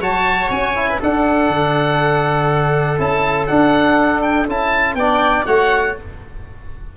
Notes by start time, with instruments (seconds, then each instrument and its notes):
0.00 tuba F#3, trombone F#4, viola C#5, oboe A5
0.50 tuba C#4, oboe G#5
0.75 trombone E4
0.90 viola B4
1.00 trombone D4, tuba D4, viola A4, oboe F#5
1.49 tuba D3
2.99 tuba C#4, trombone E4, oboe A5
3.47 trombone D4, tuba D4, oboe F#5
4.22 oboe G5
4.48 tuba C#4, trombone E4, oboe A5
4.95 tuba B3, trombone D4, viola D5, oboe G5
5.46 tuba A3, trombone F#4, viola C#5, oboe F#5